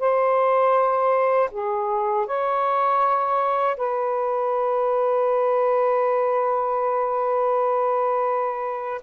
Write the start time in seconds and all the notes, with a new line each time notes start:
0.00 C5
1.52 G#4
2.27 C#5
3.77 B4